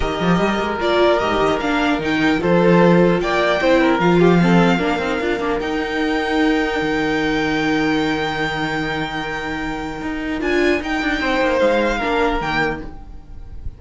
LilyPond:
<<
  \new Staff \with { instrumentName = "violin" } { \time 4/4 \tempo 4 = 150 dis''2 d''4 dis''4 | f''4 g''4 c''2 | g''2 f''2~ | f''2 g''2~ |
g''1~ | g''1~ | g''2 gis''4 g''4~ | g''4 f''2 g''4 | }
  \new Staff \with { instrumentName = "violin" } { \time 4/4 ais'1~ | ais'2 a'2 | d''4 c''8 ais'4 g'8 a'4 | ais'1~ |
ais'1~ | ais'1~ | ais'1 | c''2 ais'2 | }
  \new Staff \with { instrumentName = "viola" } { \time 4/4 g'2 f'4 g'4 | d'4 dis'4 f'2~ | f'4 e'4 f'4 c'4 | d'8 dis'8 f'8 d'8 dis'2~ |
dis'1~ | dis'1~ | dis'2 f'4 dis'4~ | dis'2 d'4 ais4 | }
  \new Staff \with { instrumentName = "cello" } { \time 4/4 dis8 f8 g8 gis8 ais4 gis,8 dis8 | ais4 dis4 f2 | ais4 c'4 f2 | ais8 c'8 d'8 ais8 dis'2~ |
dis'4 dis2.~ | dis1~ | dis4 dis'4 d'4 dis'8 d'8 | c'8 ais8 gis4 ais4 dis4 | }
>>